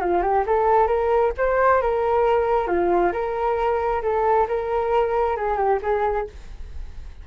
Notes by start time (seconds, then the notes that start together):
0.00 F4
0.21 G4
0.46 A4
0.87 A#4
1.37 C5
1.81 A#4
2.67 F4
3.12 A#4
4.02 A4
4.48 A#4
5.36 G#4
5.57 G4
5.82 G#4